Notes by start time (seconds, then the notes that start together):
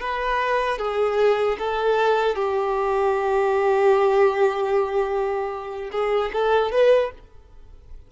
0.00 B4
0.78 G#4
1.58 A4
2.35 G4
5.91 G#4
6.33 A4
6.71 B4